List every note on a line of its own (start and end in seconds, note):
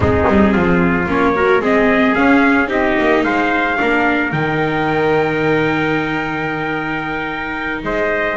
0.00 0.24 G#3
0.00 1.07 C4
0.00 0.52 D#4
0.00 1.07 G#4
0.28 0.55 G3
0.52 1.06 F3
0.52 1.33 F4
1.06 1.59 A#3
1.06 1.34 C#4
1.06 1.64 C#5
1.35 1.61 F#4
1.35 1.61 A#4
1.59 2.13 G#3
1.59 2.15 C4
1.59 2.69 G#4
1.59 2.14 D#5
2.14 2.67 C#4
2.14 2.68 F5
2.67 2.94 C4
2.67 3.75 D#4
2.67 3.23 G4
2.67 3.23 D#5
2.99 3.24 A#3
3.23 3.78 G#3
3.23 3.78 C5
3.23 4.31 F5
3.77 4.32 A#3
3.77 4.31 D4
3.77 7.84 A#4
4.32 7.83 D#3
4.32 8.36 D#4
4.32 7.83 G5
7.83 8.36 G#3
7.83 8.36 C5
7.83 8.36 D#5